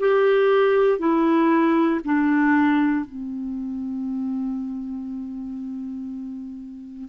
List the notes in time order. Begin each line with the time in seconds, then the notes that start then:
0.00 G4
0.99 E4
2.05 D4
3.06 C4